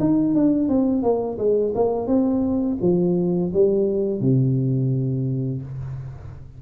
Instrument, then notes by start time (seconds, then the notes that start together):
tuba
0.00 D#4
0.35 D4
0.69 C4
1.03 A#3
1.39 G#3
1.75 A#3
2.07 C4
2.82 F3
3.54 G3
4.21 C3